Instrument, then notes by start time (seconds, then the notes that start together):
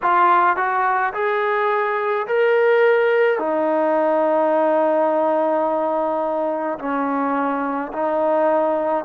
trombone
0.02 F4
0.56 F#4
1.13 G#4
2.26 A#4
3.39 D#4
6.78 C#4
7.92 D#4